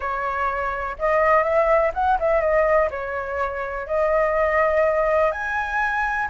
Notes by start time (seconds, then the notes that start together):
0.00 C#5
0.99 D#5
1.43 E5
1.94 F#5
2.19 E5
2.40 D#5
2.90 C#5
3.86 D#5
5.31 G#5